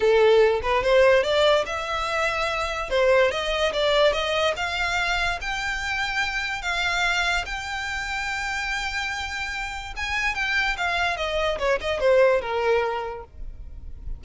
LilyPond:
\new Staff \with { instrumentName = "violin" } { \time 4/4 \tempo 4 = 145 a'4. b'8 c''4 d''4 | e''2. c''4 | dis''4 d''4 dis''4 f''4~ | f''4 g''2. |
f''2 g''2~ | g''1 | gis''4 g''4 f''4 dis''4 | cis''8 dis''8 c''4 ais'2 | }